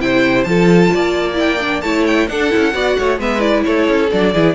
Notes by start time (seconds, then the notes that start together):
0.00 C3 E4 C5 G5
0.43 F3 F4 A4 A5
0.94 A#3 D5
1.34 E4 G5
1.60 D4
1.81 A3 E4 C#5 A5
2.07 G5
2.28 D4 A4 F#5
2.50 C#4 E4
2.73 B3 F#4 D5
2.98 A3 C#5
3.19 G#3 B3 B4 E5
3.39 E4 D5
3.65 A3 A4 C#5
3.88 C#4
4.11 F#3 D4 D5
4.34 E3 E4 G#4